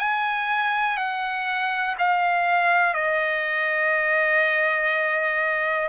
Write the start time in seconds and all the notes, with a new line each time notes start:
0.00 G#5
0.97 F#5
1.99 F5
2.94 D#5